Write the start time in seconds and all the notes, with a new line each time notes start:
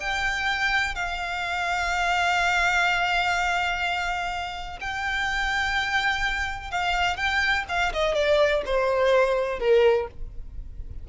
0.00 G5
0.95 F5
4.81 G5
6.71 F5
7.17 G5
7.69 F5
7.93 D#5
8.15 D5
8.65 C5
9.59 A#4